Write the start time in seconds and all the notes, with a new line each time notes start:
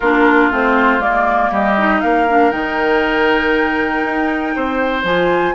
0.00 A#3 D4 F4 A#4
0.50 A3 C4 C5
0.99 G#3 A#3 D5
1.50 G3 G4 D#5
1.77 D#4
2.00 A#3 A#4 F5
2.28 D4
2.50 D#3 D#4 G5
4.03 D#4
4.55 C4 C5
5.03 F3 F4 G#5